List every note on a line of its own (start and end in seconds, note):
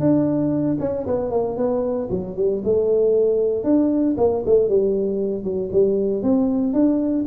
0.00 0.78 D4
0.80 1.06 C#4
1.07 1.31 B3
1.31 1.57 A#3
1.57 2.09 B3
2.10 2.36 F#3
2.36 2.62 G3
2.64 3.64 A3
3.64 4.16 D4
4.18 4.44 A#3
4.46 4.69 A3
4.69 5.44 G3
5.44 5.70 F#3
5.72 6.23 G3
6.23 6.74 C4
6.74 7.25 D4